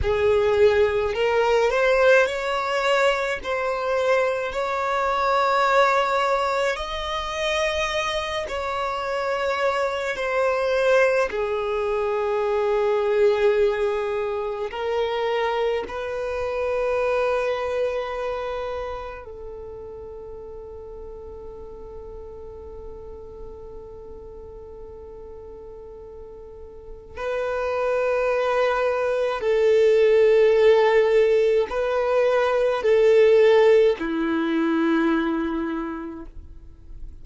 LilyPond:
\new Staff \with { instrumentName = "violin" } { \time 4/4 \tempo 4 = 53 gis'4 ais'8 c''8 cis''4 c''4 | cis''2 dis''4. cis''8~ | cis''4 c''4 gis'2~ | gis'4 ais'4 b'2~ |
b'4 a'2.~ | a'1 | b'2 a'2 | b'4 a'4 e'2 | }